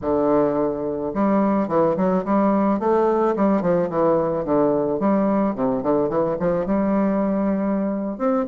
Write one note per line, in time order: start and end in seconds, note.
0.02 1.12 D3
1.14 1.68 G3
1.68 1.95 E3
1.96 2.24 F#3
2.24 2.79 G3
2.79 3.35 A3
3.36 3.61 G3
3.61 3.89 F3
3.89 4.44 E3
4.44 4.99 D3
4.99 5.55 G3
5.55 5.82 C3
5.82 6.09 D3
6.09 6.36 E3
6.39 6.65 F3
6.65 8.18 G3
8.18 8.45 C4